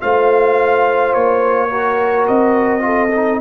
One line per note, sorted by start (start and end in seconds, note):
0.00 1.14 A3
0.00 1.70 F4
0.00 1.69 C5
0.00 1.14 F5
1.14 2.27 A#3
1.14 2.27 C#5
1.69 2.80 F#4
1.69 2.82 A#4
2.28 3.41 C4
2.28 3.41 D#5
2.80 3.08 F4
2.80 3.41 A4
3.16 3.41 D#4